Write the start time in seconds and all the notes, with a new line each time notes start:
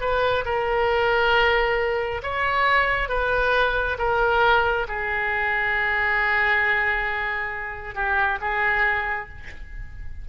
0.00 B4
0.45 A#4
2.23 C#5
3.08 B4
3.98 A#4
4.88 G#4
7.95 G4
8.40 G#4